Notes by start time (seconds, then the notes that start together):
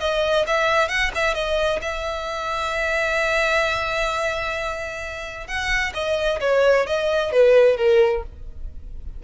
0.00 D#5
0.47 E5
0.88 F#5
1.15 E5
1.34 D#5
1.82 E5
5.47 F#5
5.94 D#5
6.41 C#5
6.87 D#5
7.32 B4
7.77 A#4